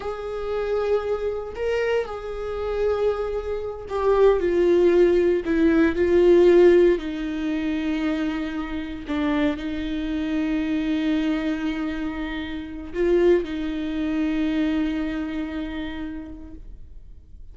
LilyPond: \new Staff \with { instrumentName = "viola" } { \time 4/4 \tempo 4 = 116 gis'2. ais'4 | gis'2.~ gis'8 g'8~ | g'8 f'2 e'4 f'8~ | f'4. dis'2~ dis'8~ |
dis'4. d'4 dis'4.~ | dis'1~ | dis'4 f'4 dis'2~ | dis'1 | }